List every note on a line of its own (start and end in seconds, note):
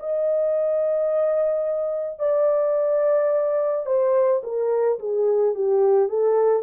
0.00 2.20 D#5
2.20 3.86 D5
3.87 4.42 C5
4.44 4.99 A#4
4.99 5.55 G#4
5.55 6.10 G4
6.10 6.63 A4